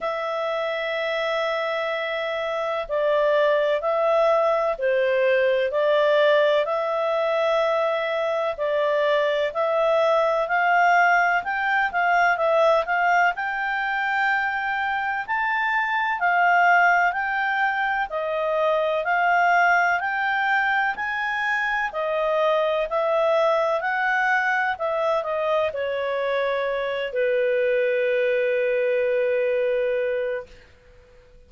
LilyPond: \new Staff \with { instrumentName = "clarinet" } { \time 4/4 \tempo 4 = 63 e''2. d''4 | e''4 c''4 d''4 e''4~ | e''4 d''4 e''4 f''4 | g''8 f''8 e''8 f''8 g''2 |
a''4 f''4 g''4 dis''4 | f''4 g''4 gis''4 dis''4 | e''4 fis''4 e''8 dis''8 cis''4~ | cis''8 b'2.~ b'8 | }